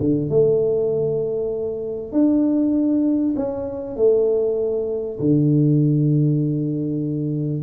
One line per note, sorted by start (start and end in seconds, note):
0.00 0.29 D3
0.29 2.13 A3
2.13 3.35 D4
3.36 3.97 C#4
3.97 5.19 A3
5.20 7.63 D3